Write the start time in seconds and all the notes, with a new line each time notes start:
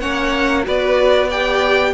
0.00 A#3 C#4 C#5 F#5
0.64 B3 F#4 B4 D5
1.28 G4 D5 G5